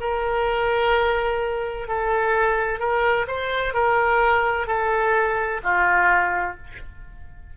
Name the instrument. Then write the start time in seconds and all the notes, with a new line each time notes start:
oboe
0.00 A#4
1.87 A4
2.79 A#4
3.27 C5
3.73 A#4
4.67 A4
5.63 F4